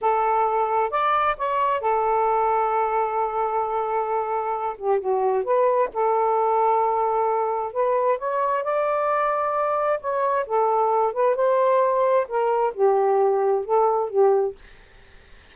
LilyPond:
\new Staff \with { instrumentName = "saxophone" } { \time 4/4 \tempo 4 = 132 a'2 d''4 cis''4 | a'1~ | a'2~ a'8 g'8 fis'4 | b'4 a'2.~ |
a'4 b'4 cis''4 d''4~ | d''2 cis''4 a'4~ | a'8 b'8 c''2 ais'4 | g'2 a'4 g'4 | }